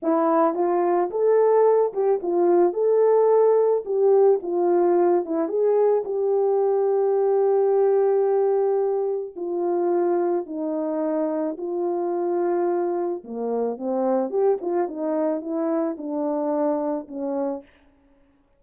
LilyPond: \new Staff \with { instrumentName = "horn" } { \time 4/4 \tempo 4 = 109 e'4 f'4 a'4. g'8 | f'4 a'2 g'4 | f'4. e'8 gis'4 g'4~ | g'1~ |
g'4 f'2 dis'4~ | dis'4 f'2. | ais4 c'4 g'8 f'8 dis'4 | e'4 d'2 cis'4 | }